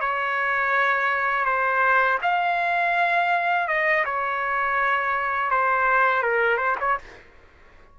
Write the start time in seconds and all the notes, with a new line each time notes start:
0.00 C#5
1.45 C5
2.22 F5
3.68 D#5
4.05 C#5
5.50 C5
6.23 A#4
6.57 C5
6.80 C#5